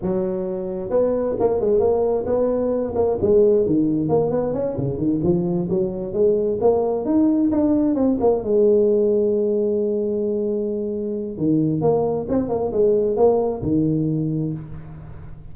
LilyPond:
\new Staff \with { instrumentName = "tuba" } { \time 4/4 \tempo 4 = 132 fis2 b4 ais8 gis8 | ais4 b4. ais8 gis4 | dis4 ais8 b8 cis'8 cis8 dis8 f8~ | f8 fis4 gis4 ais4 dis'8~ |
dis'8 d'4 c'8 ais8 gis4.~ | gis1~ | gis4 dis4 ais4 c'8 ais8 | gis4 ais4 dis2 | }